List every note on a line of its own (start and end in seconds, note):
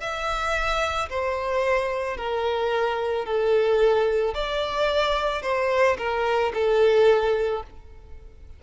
0.00 1.09 E5
1.09 2.17 C5
2.17 3.25 A#4
3.25 4.34 A4
4.34 5.42 D5
5.42 5.97 C5
5.98 6.52 A#4
6.54 7.63 A4